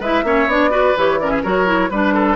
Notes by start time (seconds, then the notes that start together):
0.00 G#3 E4 B4 E5
0.23 A#3 C#4 C#5
0.47 B3 D4 D5
0.70 F#4 B4
0.97 E3 G4 C#5
1.19 C#4 A#4 D5
1.30 G#4 E5
1.42 F#3 F#4 A#4 C#5
1.66 E4
1.90 G3 D4 B4
2.14 A4